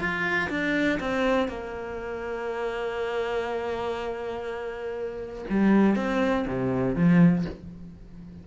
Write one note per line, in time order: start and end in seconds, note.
0.00 0.50 F4
0.50 0.99 D4
1.01 1.49 C4
1.49 5.45 A#3
5.50 5.96 G3
5.96 6.46 C4
6.48 6.96 C3
6.96 7.45 F3